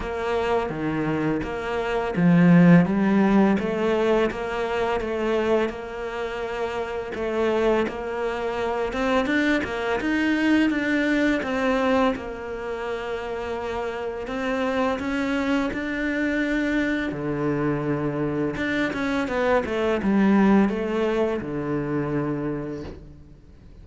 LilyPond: \new Staff \with { instrumentName = "cello" } { \time 4/4 \tempo 4 = 84 ais4 dis4 ais4 f4 | g4 a4 ais4 a4 | ais2 a4 ais4~ | ais8 c'8 d'8 ais8 dis'4 d'4 |
c'4 ais2. | c'4 cis'4 d'2 | d2 d'8 cis'8 b8 a8 | g4 a4 d2 | }